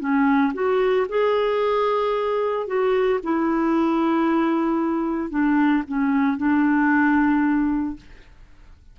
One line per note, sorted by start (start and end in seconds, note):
0.00 0.53 C#4
0.54 1.07 F#4
1.09 2.67 G#4
2.67 3.20 F#4
3.24 5.30 E4
5.30 5.83 D4
5.88 6.38 C#4
6.38 7.97 D4